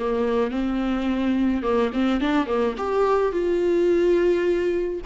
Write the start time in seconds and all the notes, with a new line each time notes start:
0.00 A#3
0.51 C4
1.63 A#3
1.94 C4
2.21 D4
2.47 A#3
2.78 G4
3.33 F4